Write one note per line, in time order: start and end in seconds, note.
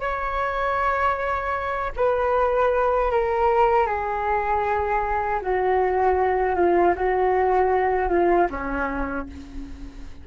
0.00 1.92 C#5
1.96 3.11 B4
3.11 3.86 A#4
3.86 5.40 G#4
5.41 6.55 F#4
6.55 6.94 F4
6.95 8.09 F#4
8.09 8.47 F4
8.50 9.27 C#4